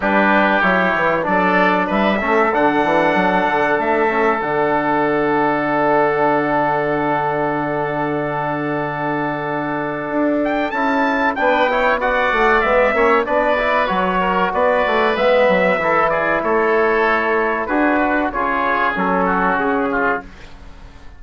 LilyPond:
<<
  \new Staff \with { instrumentName = "trumpet" } { \time 4/4 \tempo 4 = 95 b'4 cis''4 d''4 e''4 | fis''2 e''4 fis''4~ | fis''1~ | fis''1~ |
fis''8 g''8 a''4 g''4 fis''4 | e''4 d''4 cis''4 d''4 | e''4. d''8 cis''2 | b'4 cis''4 a'4 gis'4 | }
  \new Staff \with { instrumentName = "oboe" } { \time 4/4 g'2 a'4 b'8 a'8~ | a'1~ | a'1~ | a'1~ |
a'2 b'8 cis''8 d''4~ | d''8 cis''8 b'4. ais'8 b'4~ | b'4 a'8 gis'8 a'2 | gis'8 fis'8 gis'4. fis'4 f'8 | }
  \new Staff \with { instrumentName = "trombone" } { \time 4/4 d'4 e'4 d'4. cis'8 | d'2~ d'8 cis'8 d'4~ | d'1~ | d'1~ |
d'4 e'4 d'8 e'8 fis'4 | b8 cis'8 d'8 e'8 fis'2 | b4 e'2. | fis'4 f'4 cis'2 | }
  \new Staff \with { instrumentName = "bassoon" } { \time 4/4 g4 fis8 e8 fis4 g8 a8 | d8 e8 fis8 d8 a4 d4~ | d1~ | d1 |
d'4 cis'4 b4. a8 | gis8 ais8 b4 fis4 b8 a8 | gis8 fis8 e4 a2 | d'4 cis4 fis4 cis4 | }
>>